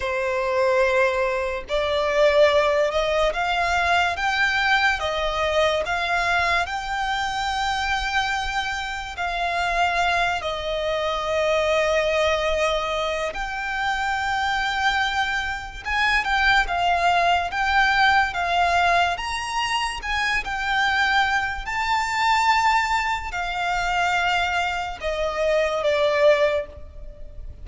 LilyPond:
\new Staff \with { instrumentName = "violin" } { \time 4/4 \tempo 4 = 72 c''2 d''4. dis''8 | f''4 g''4 dis''4 f''4 | g''2. f''4~ | f''8 dis''2.~ dis''8 |
g''2. gis''8 g''8 | f''4 g''4 f''4 ais''4 | gis''8 g''4. a''2 | f''2 dis''4 d''4 | }